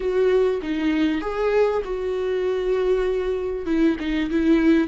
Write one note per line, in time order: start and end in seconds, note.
0.00 0.60 F#4
0.62 1.21 D#4
1.21 1.82 G#4
1.84 3.65 F#4
3.65 3.96 E4
3.99 4.30 D#4
4.30 4.87 E4